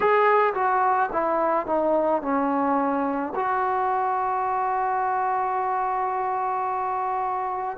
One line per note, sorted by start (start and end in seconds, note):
0.00 0.53 G#4
0.54 1.09 F#4
1.12 1.66 E4
1.66 2.22 D#4
2.22 3.33 C#4
3.35 7.77 F#4